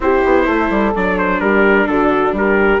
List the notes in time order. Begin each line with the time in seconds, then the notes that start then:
0.00 C4 E4 G4 C5
0.25 B3
0.45 A3 A4
0.69 G3
0.95 F#3 D4 D5
1.18 C5
1.40 G3 G4 A#4
1.87 D3 F#4 A4
2.32 G3 G4 A#4